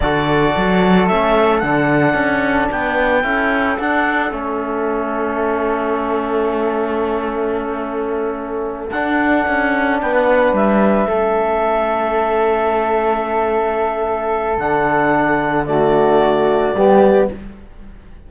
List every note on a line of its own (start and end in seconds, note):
0.00 0.55 D3
0.00 1.10 F#4
0.00 2.71 A4
0.00 1.07 D5
0.56 1.09 F#3
1.07 1.62 A3
1.07 1.63 C#4
1.07 1.59 E5
1.59 2.13 D3
1.59 3.22 D4
1.59 2.67 F#5
2.13 2.67 C#4
2.71 3.24 B3
2.71 3.24 B4
2.71 3.79 G5
3.22 3.78 C#4
3.22 3.76 E4
3.22 9.99 A4
3.79 4.30 D4
3.79 4.33 F#5
4.30 8.90 A3
4.30 8.89 C#4
4.30 8.90 E5
8.90 9.46 D4
8.90 11.08 D4
8.90 9.98 F#5
9.47 10.01 C#4
10.01 10.52 B3
10.01 11.07 B4
10.01 10.14 G5
10.14 10.54 F#5
10.52 11.06 G3
10.52 14.58 E5
11.07 14.57 A3
11.07 14.59 C#4
11.07 15.67 A4
14.57 16.73 D3
14.57 15.66 D4
14.57 15.65 F#5
15.65 16.74 A3
15.65 16.76 F#4
15.65 17.27 D5
16.74 17.28 G3
16.74 17.31 B3
16.74 17.30 G4